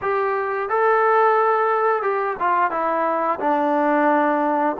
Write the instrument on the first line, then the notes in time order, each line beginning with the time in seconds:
trombone
0.01 G4
0.69 A4
2.02 G4
2.39 F4
2.71 E4
3.40 D4